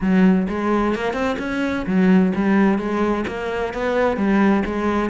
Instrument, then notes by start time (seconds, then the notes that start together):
cello
0.01 F#3
0.48 G#3
0.95 A#3
1.13 C4
1.38 C#4
1.86 F#3
2.35 G3
2.78 G#3
3.27 A#3
3.73 B3
4.16 G3
4.65 G#3